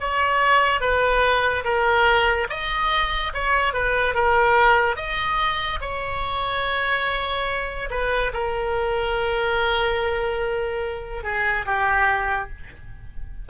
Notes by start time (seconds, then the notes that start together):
0.00 C#5
0.81 B4
1.64 A#4
2.49 D#5
3.34 C#5
3.73 B4
4.15 A#4
4.96 D#5
5.81 C#5
7.90 B4
8.34 A#4
11.23 G#4
11.66 G4